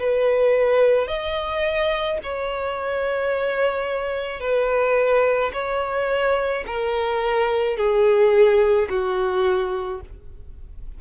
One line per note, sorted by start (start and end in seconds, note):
0.00 1.08 B4
1.08 2.19 D#5
2.24 4.41 C#5
4.41 5.52 B4
5.54 6.65 C#5
6.67 7.78 A#4
7.78 8.89 G#4
8.90 10.01 F#4